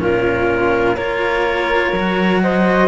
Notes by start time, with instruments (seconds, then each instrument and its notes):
0.00 cello A#2 C#4, flute F4, clarinet A#4
0.97 cello A#3 F4, flute A#4, clarinet C#5
1.93 cello F#3 F#4
2.43 flute C5, clarinet D#5